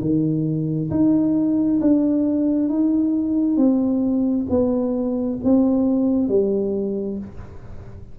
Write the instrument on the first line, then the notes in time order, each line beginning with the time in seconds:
tuba
0.00 D#3
0.90 D#4
1.80 D4
2.68 D#4
3.56 C4
4.49 B3
5.43 C4
6.28 G3